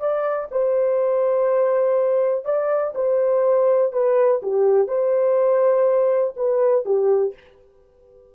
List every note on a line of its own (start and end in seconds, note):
0.00 0.49 D5
0.52 2.45 C5
2.45 2.94 D5
2.95 3.93 C5
3.93 4.41 B4
4.43 4.88 G4
4.88 6.34 C5
6.37 6.86 B4
6.86 7.34 G4